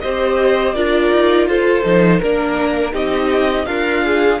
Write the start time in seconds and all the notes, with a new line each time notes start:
0.00 C4 G4 C5 D#5
0.73 D4 F4 A#4 D5
1.12 D#4
1.47 F4 A4 C5
1.84 F3 D#4
2.19 A#3 D4 A#4
2.92 C4 D#4 G4 D#5
3.66 D4 F4 A#4 F5
4.03 G#4